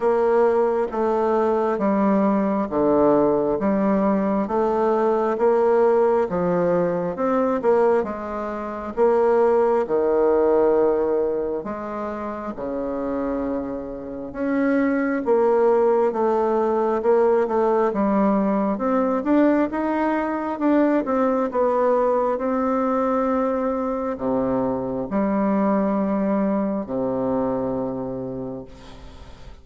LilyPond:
\new Staff \with { instrumentName = "bassoon" } { \time 4/4 \tempo 4 = 67 ais4 a4 g4 d4 | g4 a4 ais4 f4 | c'8 ais8 gis4 ais4 dis4~ | dis4 gis4 cis2 |
cis'4 ais4 a4 ais8 a8 | g4 c'8 d'8 dis'4 d'8 c'8 | b4 c'2 c4 | g2 c2 | }